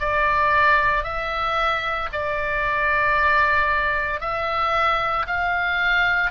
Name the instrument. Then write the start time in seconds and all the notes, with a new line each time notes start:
oboe
0.00 D5
1.04 E5
2.12 D5
4.21 E5
5.27 F5